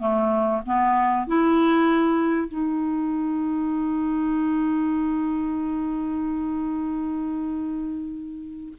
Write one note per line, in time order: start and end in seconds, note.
0.00 0.62 A3
0.66 1.28 B3
1.28 2.49 E4
2.49 8.74 D#4